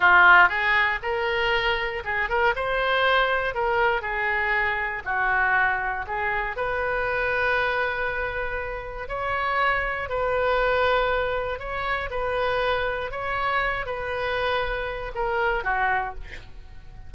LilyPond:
\new Staff \with { instrumentName = "oboe" } { \time 4/4 \tempo 4 = 119 f'4 gis'4 ais'2 | gis'8 ais'8 c''2 ais'4 | gis'2 fis'2 | gis'4 b'2.~ |
b'2 cis''2 | b'2. cis''4 | b'2 cis''4. b'8~ | b'2 ais'4 fis'4 | }